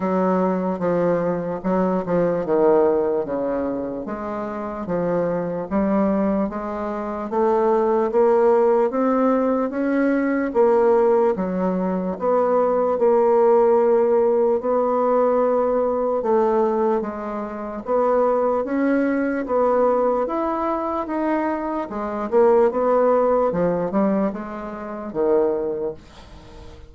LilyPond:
\new Staff \with { instrumentName = "bassoon" } { \time 4/4 \tempo 4 = 74 fis4 f4 fis8 f8 dis4 | cis4 gis4 f4 g4 | gis4 a4 ais4 c'4 | cis'4 ais4 fis4 b4 |
ais2 b2 | a4 gis4 b4 cis'4 | b4 e'4 dis'4 gis8 ais8 | b4 f8 g8 gis4 dis4 | }